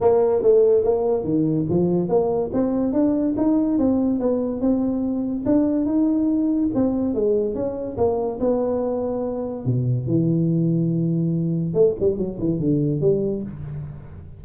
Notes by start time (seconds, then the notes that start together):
0.01 A#3
0.42 A3
0.84 A#3
1.23 D#3
1.69 F3
2.08 A#3
2.53 C4
2.93 D4
3.37 D#4
3.78 C4
4.19 B3
4.60 C4
5.45 D4
5.85 D#4
6.74 C4
7.14 G#3
7.54 C#4
7.97 A#3
8.40 B3
9.65 B2
10.06 E3
11.74 A3
12.00 G3
12.18 F#3
12.39 E3
12.59 D3
13.01 G3